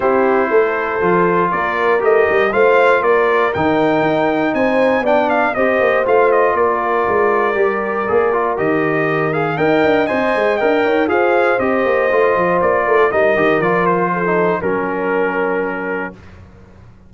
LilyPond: <<
  \new Staff \with { instrumentName = "trumpet" } { \time 4/4 \tempo 4 = 119 c''2. d''4 | dis''4 f''4 d''4 g''4~ | g''4 gis''4 g''8 f''8 dis''4 | f''8 dis''8 d''2.~ |
d''4 dis''4. f''8 g''4 | gis''4 g''4 f''4 dis''4~ | dis''4 d''4 dis''4 d''8 c''8~ | c''4 ais'2. | }
  \new Staff \with { instrumentName = "horn" } { \time 4/4 g'4 a'2 ais'4~ | ais'4 c''4 ais'2~ | ais'4 c''4 d''4 c''4~ | c''4 ais'2.~ |
ais'2. dis''4~ | dis''4. cis''8 c''2~ | c''4. ais'16 a'16 ais'2 | a'4 ais'2. | }
  \new Staff \with { instrumentName = "trombone" } { \time 4/4 e'2 f'2 | g'4 f'2 dis'4~ | dis'2 d'4 g'4 | f'2. g'4 |
gis'8 f'8 g'4. gis'8 ais'4 | c''4 ais'4 gis'4 g'4 | f'2 dis'8 g'8 f'4~ | f'16 dis'8. cis'2. | }
  \new Staff \with { instrumentName = "tuba" } { \time 4/4 c'4 a4 f4 ais4 | a8 g8 a4 ais4 dis4 | dis'4 c'4 b4 c'8 ais8 | a4 ais4 gis4 g4 |
ais4 dis2 dis'8 d'8 | c'8 gis8 d'8 dis'8 f'4 c'8 ais8 | a8 f8 ais8 a8 g8 dis8 f4~ | f4 fis2. | }
>>